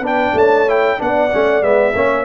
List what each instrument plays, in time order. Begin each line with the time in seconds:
0.00 tuba B3, trombone D4, horn B4
0.06 trumpet G5
0.34 tuba A3, horn C#5, trumpet A5
0.68 trombone E4, trumpet G5
0.98 tuba B3, trombone D4, horn D5, trumpet F#5
1.32 tuba A3, trombone C#4
1.62 tuba G#3, trombone B3, trumpet E5
1.95 tuba A#3, trombone C#4, horn C#5